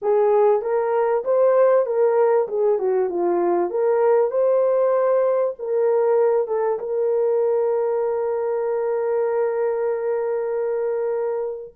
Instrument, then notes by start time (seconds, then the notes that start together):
horn
0.01 G#4
0.61 A#4
1.24 C5
1.86 A#4
2.47 G#4
2.78 F#4
3.09 F4
3.70 A#4
4.30 C5
5.58 A#4
6.47 A4
6.79 A#4